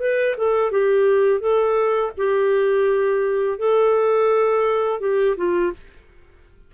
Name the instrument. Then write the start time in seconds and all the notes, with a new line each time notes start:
clarinet
0.00 B4
0.38 A4
0.72 G4
1.41 A4
2.17 G4
3.58 A4
5.00 G4
5.37 F4